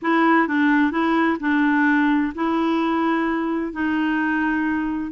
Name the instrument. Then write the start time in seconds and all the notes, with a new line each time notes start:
clarinet
0.01 E4
0.47 D4
0.91 E4
1.40 D4
2.34 E4
3.72 D#4